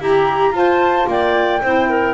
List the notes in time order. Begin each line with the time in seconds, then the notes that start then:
0.00 E4 G4 A#5
0.51 F4 C5 A5
1.07 A#3 D5 G5
1.62 C4 E4 C5
1.89 A#4